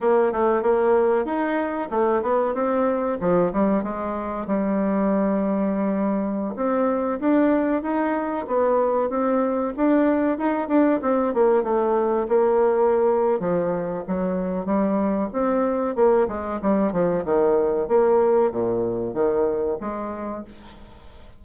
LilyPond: \new Staff \with { instrumentName = "bassoon" } { \time 4/4 \tempo 4 = 94 ais8 a8 ais4 dis'4 a8 b8 | c'4 f8 g8 gis4 g4~ | g2~ g16 c'4 d'8.~ | d'16 dis'4 b4 c'4 d'8.~ |
d'16 dis'8 d'8 c'8 ais8 a4 ais8.~ | ais4 f4 fis4 g4 | c'4 ais8 gis8 g8 f8 dis4 | ais4 ais,4 dis4 gis4 | }